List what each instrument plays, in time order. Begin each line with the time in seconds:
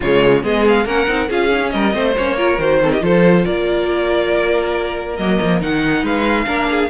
0.00 cello C#3, viola G#3, violin F4 C#5
0.42 cello G#3, viola B3, violin G#4 D#5
0.67 violin F5
0.85 cello A#3, viola C#4, violin A#4 F#5
1.07 cello C4, viola D#4
1.28 cello C#4, viola F4, violin G#4 F5
1.52 viola D#4
1.59 viola C#4
1.70 cello G3, violin A#4 D#5
1.92 cello A3, viola C4, violin C5
2.16 cello A#3, viola C#4, violin C#5
2.36 viola F4, violin A#4
2.58 cello D#3, viola F#4, violin C5
2.82 viola C4, violin A4
2.91 violin G4 D#5
2.99 cello F3, viola F4, violin A4 C5
3.45 cello A#3, violin A#4 D5
5.16 cello F#3, viola A#3, violin D#5
5.41 cello F3
5.61 cello D#3, viola D#4, violin F#5
6.02 cello G#3, violin B4 F5
6.45 cello A#3, viola D4, violin A#4
6.70 violin G#4